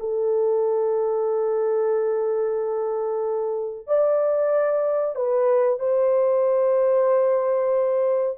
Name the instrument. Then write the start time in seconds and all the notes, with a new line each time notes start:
horn
0.00 A4
3.87 D5
5.16 B4
5.80 C5